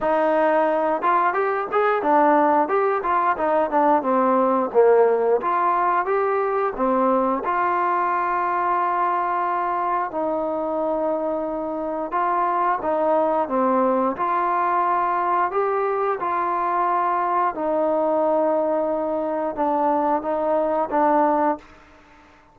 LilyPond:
\new Staff \with { instrumentName = "trombone" } { \time 4/4 \tempo 4 = 89 dis'4. f'8 g'8 gis'8 d'4 | g'8 f'8 dis'8 d'8 c'4 ais4 | f'4 g'4 c'4 f'4~ | f'2. dis'4~ |
dis'2 f'4 dis'4 | c'4 f'2 g'4 | f'2 dis'2~ | dis'4 d'4 dis'4 d'4 | }